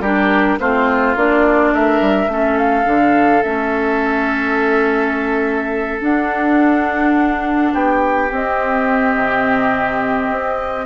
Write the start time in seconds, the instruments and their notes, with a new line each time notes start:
0.00 bassoon G3, clarinet D4, oboe G4, flute A#4
0.59 bassoon A3, clarinet C4, oboe F4, flute C5
1.16 bassoon A#3, clarinet D4, flute D5
1.73 bassoon A3, oboe A#4, flute E5
2.01 bassoon G3
2.28 bassoon A3, clarinet C#4, oboe A4
2.58 flute F5
2.85 bassoon D3, clarinet D4
3.43 bassoon A3, clarinet C#4, flute E5
6.00 clarinet D4, bassoon D4, flute F#5
7.73 bassoon B3, oboe G4, flute G5
8.31 bassoon C4, clarinet C4, flute D#5
9.15 bassoon C3
10.31 bassoon C4